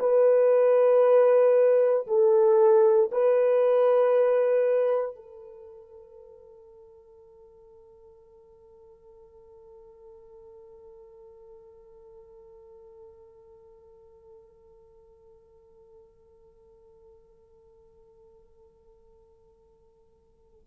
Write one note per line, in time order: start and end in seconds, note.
0.00 2.07 B4
2.07 3.11 A4
3.12 5.16 B4
5.16 20.68 A4